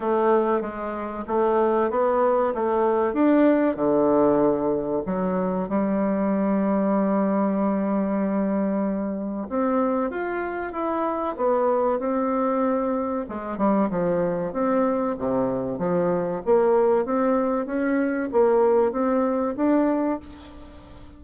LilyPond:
\new Staff \with { instrumentName = "bassoon" } { \time 4/4 \tempo 4 = 95 a4 gis4 a4 b4 | a4 d'4 d2 | fis4 g2.~ | g2. c'4 |
f'4 e'4 b4 c'4~ | c'4 gis8 g8 f4 c'4 | c4 f4 ais4 c'4 | cis'4 ais4 c'4 d'4 | }